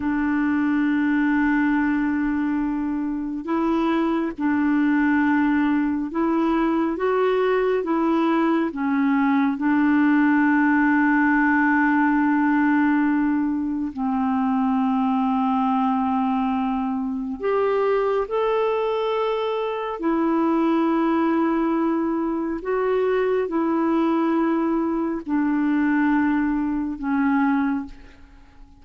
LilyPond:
\new Staff \with { instrumentName = "clarinet" } { \time 4/4 \tempo 4 = 69 d'1 | e'4 d'2 e'4 | fis'4 e'4 cis'4 d'4~ | d'1 |
c'1 | g'4 a'2 e'4~ | e'2 fis'4 e'4~ | e'4 d'2 cis'4 | }